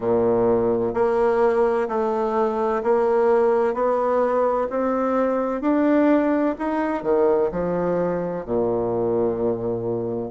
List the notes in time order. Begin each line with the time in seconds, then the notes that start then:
0.00 A#2
0.94 A#3
1.88 A3
2.83 A#3
3.74 B3
4.70 C4
5.61 D4
6.58 D#4
7.03 D#3
7.51 F3
8.45 A#2